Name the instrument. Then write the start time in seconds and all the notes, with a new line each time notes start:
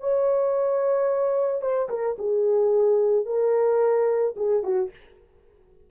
horn
0.00 C#5
1.61 C5
1.89 A#4
2.18 G#4
3.26 A#4
4.36 G#4
4.63 F#4